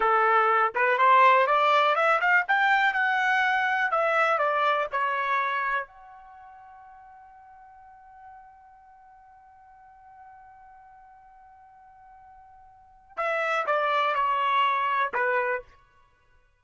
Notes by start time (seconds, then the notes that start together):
0.00 A4
0.75 B4
0.98 C5
1.46 D5
1.95 E5
2.20 F5
2.48 G5
2.93 F#5
3.91 E5
4.38 D5
4.91 C#5
5.87 F#5
13.17 E5
13.66 D5
14.14 C#5
15.13 B4